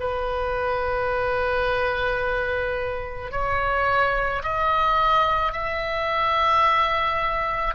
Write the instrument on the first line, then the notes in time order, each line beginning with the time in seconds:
oboe
0.00 B4
3.32 C#5
4.43 D#5
5.53 E5